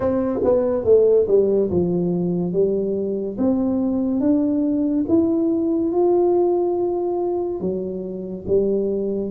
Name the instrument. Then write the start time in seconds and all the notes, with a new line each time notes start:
tuba
0.00 C4
0.43 B3
0.84 A3
1.27 G3
1.70 F3
2.52 G3
3.38 C4
4.20 D4
5.08 E4
5.92 F4
7.60 F#3
8.47 G3